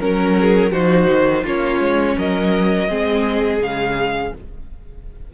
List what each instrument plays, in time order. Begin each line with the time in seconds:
0.00 cello F#3, viola C#4, violin A#4
0.41 violin G#4
0.71 cello F3, viola D#4, violin F#4 C5
1.10 cello D#3
1.44 cello A#3, viola C#4, violin F4 C#5
1.80 cello G#3
2.18 cello F#3, violin A#4 D#5
2.89 cello G#3, viola C4, violin G#4
3.60 cello C#3, viola G#3, violin F5